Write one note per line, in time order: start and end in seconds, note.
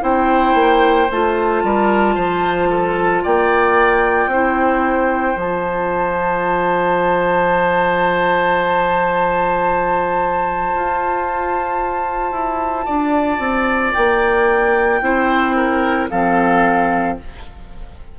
0.00 0.54 C4
0.00 1.07 E4
0.00 1.63 C5
0.00 1.10 G5
0.54 1.08 A#3
1.10 1.63 A3
1.10 4.32 F4
1.10 3.25 A5
1.63 2.16 G3
1.63 2.15 A#4
2.15 3.23 F3
2.15 2.68 C5
2.70 3.23 A4
3.23 4.27 A#3
3.23 4.30 D5
3.23 5.39 G5
4.27 5.34 C4
4.27 5.37 E4
4.27 12.85 C5
5.36 10.72 F3
5.36 15.02 F4
5.36 13.93 A5
10.75 12.31 F4
12.31 12.85 E4
12.85 13.39 D4
12.85 15.00 D5
13.39 13.92 C4
13.93 15.01 A#3
13.93 16.07 G5
15.01 16.08 C4
15.01 16.09 E4
15.01 15.56 C5
15.56 16.09 A#4
16.10 17.18 F3
16.10 17.19 C4
16.10 17.17 A4
16.10 17.17 F5